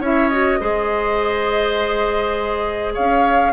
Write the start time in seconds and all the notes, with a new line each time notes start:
0.00 C#4 E4 C#5 E5
0.29 F#4 D#5
0.60 G#3 G#4 C5
2.94 C#4 C#5 F5